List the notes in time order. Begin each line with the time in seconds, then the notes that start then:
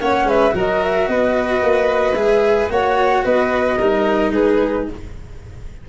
0.00 A#3 C#4 C#5 F#5
0.24 G#3 B4 E5
0.51 F#3 F#4 A#4
0.58 D#5
0.83 E5
1.08 B3 B4 D#5
1.63 A#3
2.15 G#3 G#4 E5
2.70 A#3 F#4 C#5 F#5
3.25 B3 B4 D#5
3.78 G3 D#4 A#4
4.31 G#3 G#4 B4